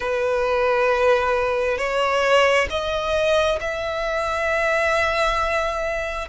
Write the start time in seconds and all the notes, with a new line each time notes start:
0.00 B4
1.77 C#5
2.69 D#5
3.60 E5